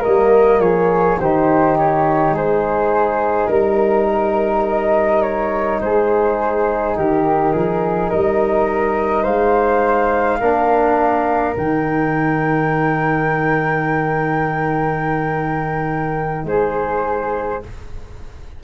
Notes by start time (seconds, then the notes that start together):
0.00 A#3 A#4 D#5
0.06 G3
0.59 F3 G#4 C#5
1.19 D#3 D#4 G4 C5
1.78 C#5
2.30 G#3 G#4
2.36 C5
3.47 G3 A#4
4.65 D#5
5.22 C#5
5.81 G#3 G#4 C5
6.96 D#3 G4 A#4
7.53 F3 G#4
8.10 G3 A#4 D#5
9.22 G#3 C5 F5
10.40 A#3 D4 A#4
11.54 D#3 D#4 G5
16.44 G#3 G#4 C5